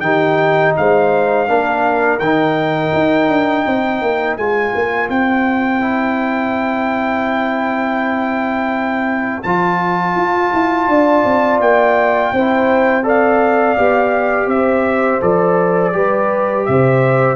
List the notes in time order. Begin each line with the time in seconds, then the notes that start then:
0.00 D#3 D#4 G4 G5
0.77 G#3 C5 F5
1.47 A#3 D4 A#4
2.19 D#3 D#4 G5
2.94 D#4
3.29 D4
3.66 C4 C5
4.02 A#3
4.37 G#3 F4 G#5
4.75 A#3
5.09 C4 G5
5.81 E4
9.43 F3 F4 A5
10.16 F4
10.53 E4
10.88 D4 D5
11.24 C4
11.59 A#3 G5
12.33 C4 E4 C5
13.03 A4 D5 F5
13.76 B3 G4
14.46 C4 C5 E5
15.21 F3 A4 D5
15.93 G3 G4 B4
16.65 C3 C5 E5